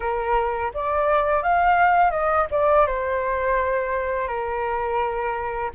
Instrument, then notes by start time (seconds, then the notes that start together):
flute
0.00 A#4
0.73 D5
1.43 F5
2.11 D#5
2.51 D5
2.86 C5
4.27 A#4